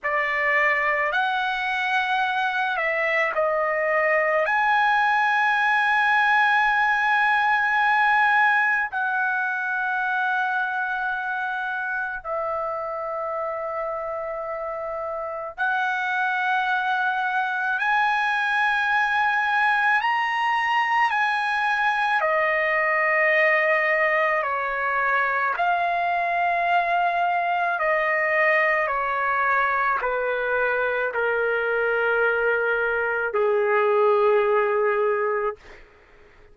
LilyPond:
\new Staff \with { instrumentName = "trumpet" } { \time 4/4 \tempo 4 = 54 d''4 fis''4. e''8 dis''4 | gis''1 | fis''2. e''4~ | e''2 fis''2 |
gis''2 ais''4 gis''4 | dis''2 cis''4 f''4~ | f''4 dis''4 cis''4 b'4 | ais'2 gis'2 | }